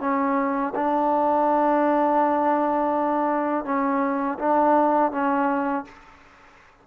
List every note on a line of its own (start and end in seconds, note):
0.00 0.73 C#4
0.75 3.65 D4
3.65 4.38 C#4
4.39 5.12 D4
5.12 5.85 C#4